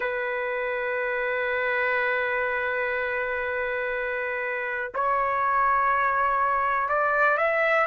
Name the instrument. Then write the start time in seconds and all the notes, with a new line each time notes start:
trumpet
0.00 B4
4.94 C#5
6.89 D5
7.37 E5